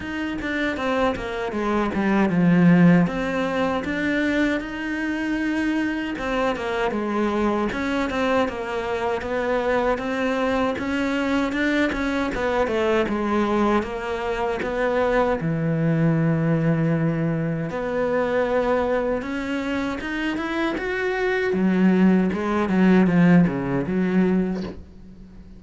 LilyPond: \new Staff \with { instrumentName = "cello" } { \time 4/4 \tempo 4 = 78 dis'8 d'8 c'8 ais8 gis8 g8 f4 | c'4 d'4 dis'2 | c'8 ais8 gis4 cis'8 c'8 ais4 | b4 c'4 cis'4 d'8 cis'8 |
b8 a8 gis4 ais4 b4 | e2. b4~ | b4 cis'4 dis'8 e'8 fis'4 | fis4 gis8 fis8 f8 cis8 fis4 | }